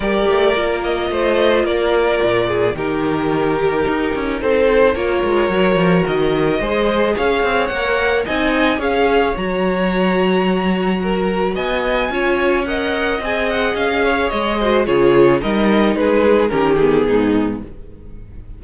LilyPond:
<<
  \new Staff \with { instrumentName = "violin" } { \time 4/4 \tempo 4 = 109 d''4. dis''4. d''4~ | d''4 ais'2. | c''4 cis''2 dis''4~ | dis''4 f''4 fis''4 gis''4 |
f''4 ais''2.~ | ais''4 gis''2 fis''4 | gis''8 fis''8 f''4 dis''4 cis''4 | dis''4 b'4 ais'8 gis'4. | }
  \new Staff \with { instrumentName = "violin" } { \time 4/4 ais'2 c''4 ais'4~ | ais'8 gis'8 g'2. | a'4 ais'2. | c''4 cis''2 dis''4 |
cis''1 | ais'4 dis''4 cis''4 dis''4~ | dis''4. cis''4 c''8 gis'4 | ais'4 gis'4 g'4 dis'4 | }
  \new Staff \with { instrumentName = "viola" } { \time 4/4 g'4 f'2.~ | f'4 dis'2.~ | dis'4 f'4 fis'2 | gis'2 ais'4 dis'4 |
gis'4 fis'2.~ | fis'2 f'4 ais'4 | gis'2~ gis'8 fis'8 f'4 | dis'2 cis'8 b4. | }
  \new Staff \with { instrumentName = "cello" } { \time 4/4 g8 a8 ais4 a4 ais4 | ais,4 dis2 dis'8 cis'8 | c'4 ais8 gis8 fis8 f8 dis4 | gis4 cis'8 c'8 ais4 c'4 |
cis'4 fis2.~ | fis4 b4 cis'2 | c'4 cis'4 gis4 cis4 | g4 gis4 dis4 gis,4 | }
>>